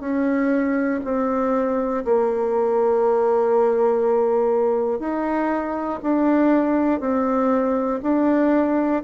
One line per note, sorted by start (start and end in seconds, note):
0.00 1.00 C#4
1.04 2.04 C4
2.05 4.99 A#3
4.99 5.99 D#4
6.02 7.00 D4
7.00 8.00 C4
8.03 9.03 D4